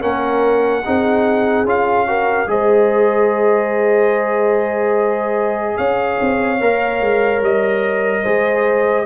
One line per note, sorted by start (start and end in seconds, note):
0.00 0.84 A#3
0.00 0.82 C#4
0.00 0.83 A#4
0.00 1.67 F#5
0.85 1.64 C4
0.85 1.66 D#4
0.85 2.08 G#4
1.64 2.47 C#4
1.64 2.07 F4
1.64 2.50 F5
2.07 2.47 F#4
2.07 2.49 A#4
2.47 5.76 G#3
2.47 6.58 G#4
2.47 5.77 C5
2.47 5.77 D#5
5.77 6.19 C#4
5.77 8.23 C#5
5.77 7.41 F5
6.21 6.60 C4
6.60 7.01 A#3
6.60 8.25 A#4
7.01 7.41 G#3
7.41 8.23 G3
7.41 9.05 D#5
8.23 9.05 G#3
8.23 9.05 G#4
8.23 9.05 C5